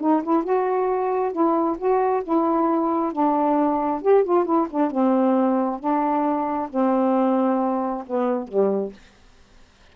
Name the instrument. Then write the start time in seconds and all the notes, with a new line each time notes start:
saxophone
0.00 D#4
0.23 E4
0.44 F#4
1.32 E4
1.78 F#4
2.24 E4
3.13 D4
4.02 G4
4.24 F4
4.45 E4
4.70 D4
4.91 C4
5.79 D4
6.70 C4
8.07 B3
8.48 G3